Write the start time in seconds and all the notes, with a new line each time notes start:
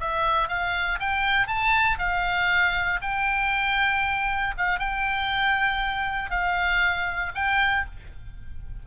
0.00 E5
0.48 F5
1.00 G5
1.47 A5
1.99 F5
3.02 G5
4.58 F5
4.79 G5
6.31 F5
7.35 G5